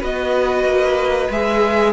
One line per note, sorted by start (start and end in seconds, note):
0.00 0.64 B3
0.00 1.30 F#4
0.00 1.93 B4
0.00 1.32 D#5
0.64 1.29 A#3
1.30 1.93 G#3
1.30 1.93 G#4
1.30 1.93 E5